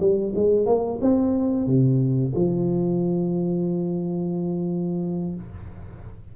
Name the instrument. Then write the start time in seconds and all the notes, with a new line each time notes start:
tuba
0.00 G3
0.35 G#3
0.66 A#3
1.02 C4
1.67 C3
2.35 F3